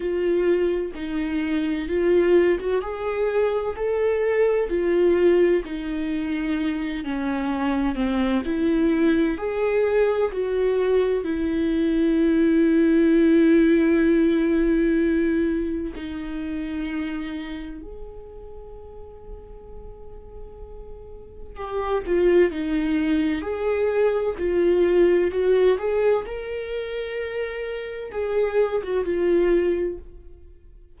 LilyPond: \new Staff \with { instrumentName = "viola" } { \time 4/4 \tempo 4 = 64 f'4 dis'4 f'8. fis'16 gis'4 | a'4 f'4 dis'4. cis'8~ | cis'8 c'8 e'4 gis'4 fis'4 | e'1~ |
e'4 dis'2 gis'4~ | gis'2. g'8 f'8 | dis'4 gis'4 f'4 fis'8 gis'8 | ais'2 gis'8. fis'16 f'4 | }